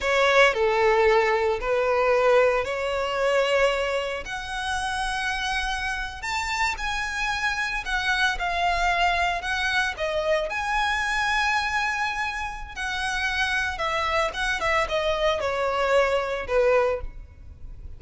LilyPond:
\new Staff \with { instrumentName = "violin" } { \time 4/4 \tempo 4 = 113 cis''4 a'2 b'4~ | b'4 cis''2. | fis''2.~ fis''8. a''16~ | a''8. gis''2 fis''4 f''16~ |
f''4.~ f''16 fis''4 dis''4 gis''16~ | gis''1 | fis''2 e''4 fis''8 e''8 | dis''4 cis''2 b'4 | }